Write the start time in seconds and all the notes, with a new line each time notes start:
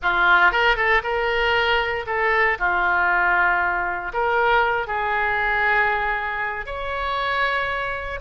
0.02 F4
0.51 A#4
0.76 A4
1.03 A#4
2.06 A4
2.58 F4
4.13 A#4
4.87 G#4
6.65 C#5